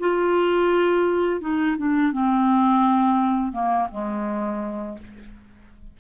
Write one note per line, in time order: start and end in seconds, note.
0.00 1.41 F4
1.41 1.77 D#4
1.78 2.13 D4
2.13 3.53 C4
3.53 3.88 A#3
3.91 4.98 G#3